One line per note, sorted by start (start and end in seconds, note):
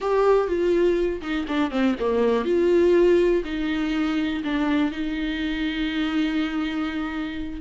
0.00 0.47 G4
0.47 1.21 F4
1.21 1.46 D#4
1.48 1.71 D4
1.71 1.95 C4
1.99 2.44 A#3
2.44 3.43 F4
3.44 4.42 D#4
4.44 4.91 D4
4.91 7.61 D#4